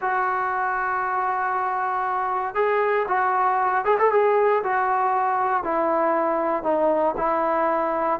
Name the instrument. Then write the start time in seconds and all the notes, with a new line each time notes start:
trombone
0.01 F#4
2.55 G#4
3.08 F#4
3.84 G#4
3.98 A4
4.11 G#4
4.63 F#4
5.63 E4
6.63 D#4
7.17 E4